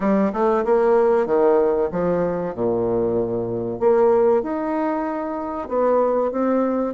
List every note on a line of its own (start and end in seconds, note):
0.00 0.32 G3
0.32 0.64 A3
0.65 1.26 A#3
1.26 1.89 D#3
1.91 2.54 F3
2.54 3.79 A#2
3.79 4.42 A#3
4.42 5.68 D#4
5.68 6.31 B3
6.31 6.94 C4